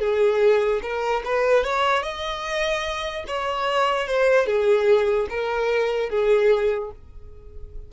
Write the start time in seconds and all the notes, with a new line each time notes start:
0.00 G#4
0.83 A#4
1.25 B4
1.64 C#5
2.03 D#5
3.28 C#5
4.08 C5
4.47 G#4
5.30 A#4
6.10 G#4